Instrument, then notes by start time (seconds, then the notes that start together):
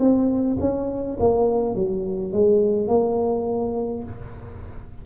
tuba
0.00 C4
0.60 C#4
1.20 A#3
1.75 F#3
2.33 G#3
2.88 A#3